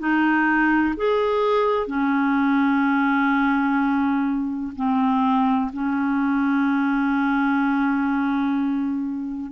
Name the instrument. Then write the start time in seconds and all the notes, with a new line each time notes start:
clarinet
0.00 D#4
0.97 G#4
1.87 C#4
4.76 C4
5.73 C#4